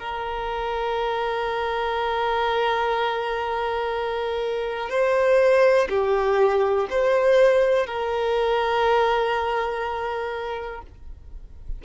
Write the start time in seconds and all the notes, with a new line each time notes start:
0.00 A#4
4.90 C5
5.90 G4
6.90 C5
7.87 A#4